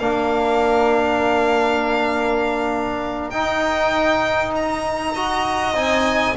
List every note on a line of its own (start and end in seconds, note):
0.00 3.33 A#3
0.00 3.33 D4
0.00 5.14 A#4
0.00 3.30 F5
3.30 5.74 D#4
3.30 5.15 D#4
3.30 4.52 G5
4.56 5.76 A#5
5.14 5.74 F#4
5.14 6.35 D#5
5.74 6.35 C4
5.74 6.35 D#4
5.74 6.37 G#5